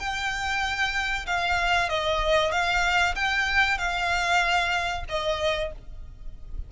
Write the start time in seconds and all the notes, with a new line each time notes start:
0.00 G5
1.27 F5
1.89 D#5
2.52 F5
3.16 G5
3.79 F5
5.09 D#5